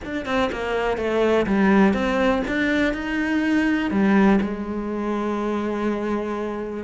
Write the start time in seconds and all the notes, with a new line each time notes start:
0.04 D4
0.25 C4
0.52 A#3
0.97 A3
1.46 G3
1.93 C4
2.47 D4
2.93 D#4
3.90 G3
4.41 G#3